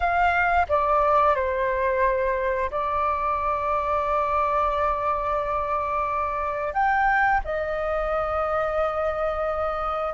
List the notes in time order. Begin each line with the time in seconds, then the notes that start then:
0.00 F5
0.69 D5
1.35 C5
2.70 D5
6.73 G5
7.44 D#5